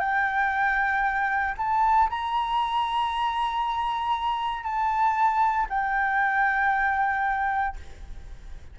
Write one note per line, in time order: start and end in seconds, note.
0.00 1.55 G5
1.58 2.09 A5
2.10 4.63 A#5
4.63 5.67 A5
5.69 7.76 G5